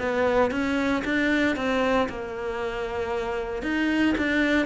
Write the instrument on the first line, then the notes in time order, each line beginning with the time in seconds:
cello
0.00 B3
0.51 C#4
1.05 D4
1.57 C4
2.09 A#3
3.63 D#4
4.18 D4